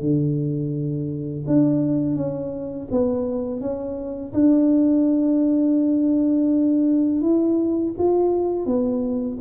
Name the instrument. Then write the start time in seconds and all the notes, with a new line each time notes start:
tuba
0.00 D3
1.47 D4
2.15 C#4
2.91 B3
3.60 C#4
4.33 D4
7.21 E4
7.98 F4
8.65 B3